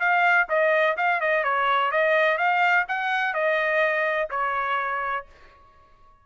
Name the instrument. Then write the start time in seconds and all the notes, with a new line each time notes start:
trumpet
0.00 F5
0.49 D#5
0.97 F5
1.21 D#5
1.44 C#5
1.92 D#5
2.38 F5
2.88 F#5
3.34 D#5
4.31 C#5